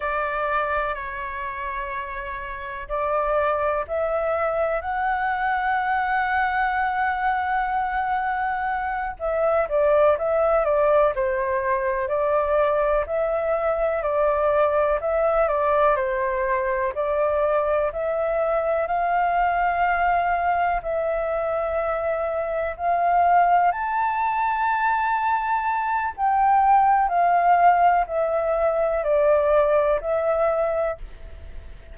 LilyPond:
\new Staff \with { instrumentName = "flute" } { \time 4/4 \tempo 4 = 62 d''4 cis''2 d''4 | e''4 fis''2.~ | fis''4. e''8 d''8 e''8 d''8 c''8~ | c''8 d''4 e''4 d''4 e''8 |
d''8 c''4 d''4 e''4 f''8~ | f''4. e''2 f''8~ | f''8 a''2~ a''8 g''4 | f''4 e''4 d''4 e''4 | }